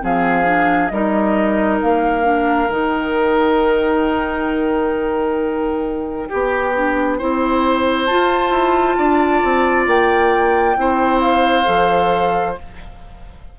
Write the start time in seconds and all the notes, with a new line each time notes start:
0.00 F3 C4 G#4 F5
0.45 D4
0.88 G3 D#4 A#4 D#5
1.81 A#3 F5
2.23 D4
2.69 D#3 D#4 G5
6.29 B3 G4
6.76 D4
7.18 C4 E4 C5
8.05 F4 A5
8.50 E4
8.97 D4 D5
9.43 C4
9.87 A#3 G5
10.77 C4 E4 C5
11.20 F5
11.65 F3 A4